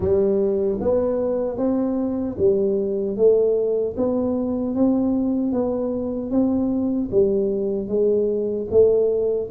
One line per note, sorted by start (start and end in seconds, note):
0.00 0.79 G3
0.80 1.57 B3
1.57 2.36 C4
2.38 3.17 G3
3.17 3.95 A3
3.97 4.74 B3
4.74 5.52 C4
5.52 6.31 B3
6.31 7.09 C4
7.11 7.88 G3
7.88 8.67 G#3
8.71 9.50 A3